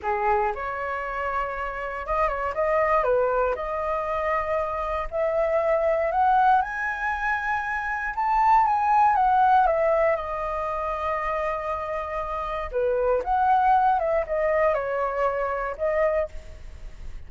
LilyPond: \new Staff \with { instrumentName = "flute" } { \time 4/4 \tempo 4 = 118 gis'4 cis''2. | dis''8 cis''8 dis''4 b'4 dis''4~ | dis''2 e''2 | fis''4 gis''2. |
a''4 gis''4 fis''4 e''4 | dis''1~ | dis''4 b'4 fis''4. e''8 | dis''4 cis''2 dis''4 | }